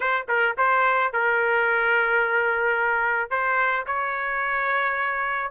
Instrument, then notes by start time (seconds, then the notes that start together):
trumpet
0.00 C5
0.28 A#4
0.57 C5
1.12 A#4
3.30 C5
3.86 C#5